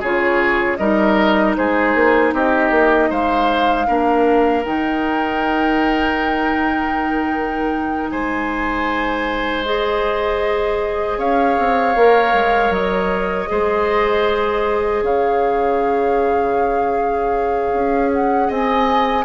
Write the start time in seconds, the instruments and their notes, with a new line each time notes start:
0.00 bassoon C#3, clarinet F4, oboe G#4, flute C#5
0.77 bassoon G3, clarinet D#4, oboe A#4, flute D#5
1.56 bassoon G#3, oboe G#4, flute C5
1.94 bassoon A#3
2.32 bassoon C4, oboe G4, flute D#5
2.70 bassoon A#3
3.09 bassoon G#3, oboe C5, flute F5
3.86 bassoon A#3, clarinet D4, oboe A#4
4.64 bassoon D#3, clarinet D#4, flute G5
8.10 bassoon G#3, oboe C5, flute G#5
9.64 clarinet G#4, flute D#5
11.17 bassoon C#4, oboe C#5, flute F5
11.58 bassoon C4
11.95 bassoon A#3, clarinet A#4
12.33 bassoon G#3
12.70 bassoon F#3, flute D#5
13.47 bassoon G#3, clarinet G#4, oboe C5
15.02 bassoon C#3, oboe C#5, flute F5
17.73 bassoon C#4
18.12 flute F#5
18.47 bassoon C4, oboe D#5, flute G#5